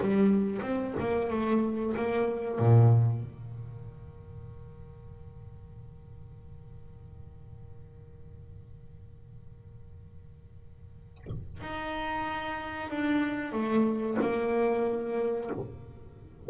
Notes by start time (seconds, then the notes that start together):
0.00 G3
0.61 C4
0.99 A#3
1.30 A3
1.96 A#3
2.58 A#2
3.23 D#3
11.61 D#4
12.90 D4
13.52 A3
14.21 A#3